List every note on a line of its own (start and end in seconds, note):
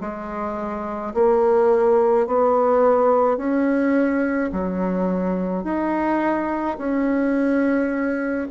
0.00 1.13 G#3
1.14 2.26 A#3
2.26 3.37 B3
3.37 4.50 C#4
4.52 5.64 F#3
5.64 6.77 D#4
6.78 8.48 C#4